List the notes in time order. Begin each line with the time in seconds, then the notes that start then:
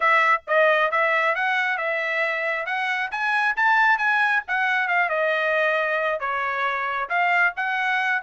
0.00 E5
0.47 D#5
0.91 E5
1.35 F#5
1.77 E5
2.65 F#5
3.11 G#5
3.56 A5
3.98 G#5
4.47 F#5
4.88 F5
5.09 D#5
6.20 C#5
7.09 F5
7.56 F#5